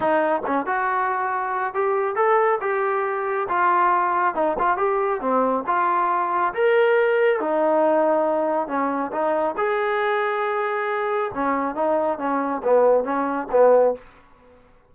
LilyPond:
\new Staff \with { instrumentName = "trombone" } { \time 4/4 \tempo 4 = 138 dis'4 cis'8 fis'2~ fis'8 | g'4 a'4 g'2 | f'2 dis'8 f'8 g'4 | c'4 f'2 ais'4~ |
ais'4 dis'2. | cis'4 dis'4 gis'2~ | gis'2 cis'4 dis'4 | cis'4 b4 cis'4 b4 | }